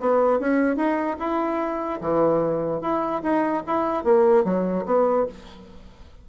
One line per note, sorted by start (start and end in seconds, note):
0.00 0.39 B3
0.39 0.76 C#4
0.76 1.17 D#4
1.19 2.00 E4
2.01 2.81 E3
2.81 3.22 E4
3.22 3.63 D#4
3.67 4.04 E4
4.04 4.44 A#3
4.44 4.85 F#3
4.86 5.26 B3